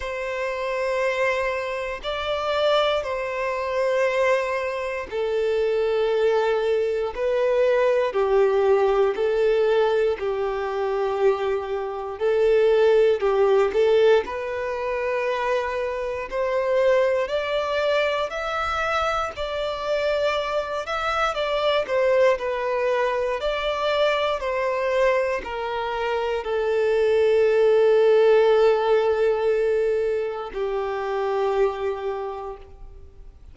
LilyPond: \new Staff \with { instrumentName = "violin" } { \time 4/4 \tempo 4 = 59 c''2 d''4 c''4~ | c''4 a'2 b'4 | g'4 a'4 g'2 | a'4 g'8 a'8 b'2 |
c''4 d''4 e''4 d''4~ | d''8 e''8 d''8 c''8 b'4 d''4 | c''4 ais'4 a'2~ | a'2 g'2 | }